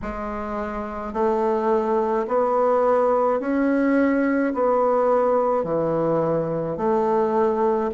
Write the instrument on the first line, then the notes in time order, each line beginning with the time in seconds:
bassoon
0.02 G#3
1.13 A3
2.27 B3
3.40 C#4
4.53 B3
5.63 E3
6.77 A3